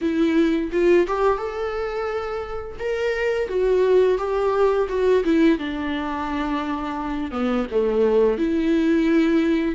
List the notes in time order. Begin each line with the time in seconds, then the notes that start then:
0.01 E4
0.72 F4
1.07 G4
1.37 A4
2.79 A#4
3.48 F#4
4.17 G4
4.88 F#4
5.24 E4
5.58 D4
7.31 B3
7.71 A3
8.38 E4